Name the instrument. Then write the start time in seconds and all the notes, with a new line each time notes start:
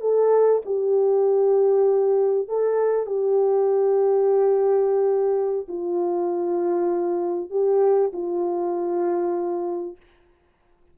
horn
0.00 A4
0.65 G4
2.48 A4
3.06 G4
5.68 F4
7.50 G4
8.13 F4